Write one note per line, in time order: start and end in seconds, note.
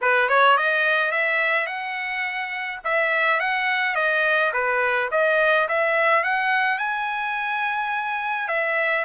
0.01 0.28 B4
0.28 0.57 C#5
0.57 1.11 D#5
1.11 1.66 E5
1.66 2.79 F#5
2.84 3.40 E5
3.40 3.95 F#5
3.95 4.51 D#5
4.53 5.09 B4
5.11 5.68 D#5
5.68 6.23 E5
6.23 6.78 F#5
6.78 8.48 G#5
8.48 9.04 E5